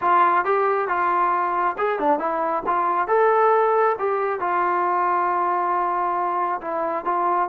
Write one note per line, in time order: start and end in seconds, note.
0.01 0.44 F4
0.44 0.88 G4
0.88 1.76 F4
1.78 1.99 G#4
1.99 2.19 D4
2.19 2.63 E4
2.66 3.07 F4
3.07 3.96 A4
3.98 4.40 G4
4.40 6.60 F4
6.61 7.04 E4
7.04 7.48 F4